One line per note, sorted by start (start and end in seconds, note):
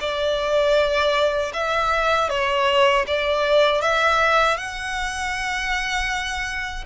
0.00 1.52 D5
1.53 2.29 E5
2.29 3.05 C#5
3.07 3.81 D5
3.81 4.56 E5
4.56 6.84 F#5